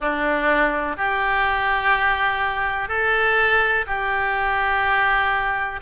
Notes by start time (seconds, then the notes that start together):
0.00 D4
0.97 G4
2.88 A4
3.87 G4